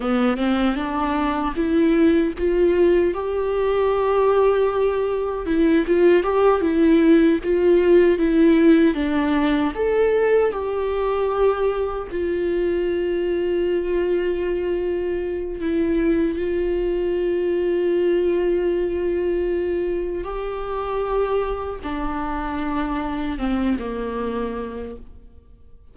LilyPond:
\new Staff \with { instrumentName = "viola" } { \time 4/4 \tempo 4 = 77 b8 c'8 d'4 e'4 f'4 | g'2. e'8 f'8 | g'8 e'4 f'4 e'4 d'8~ | d'8 a'4 g'2 f'8~ |
f'1 | e'4 f'2.~ | f'2 g'2 | d'2 c'8 ais4. | }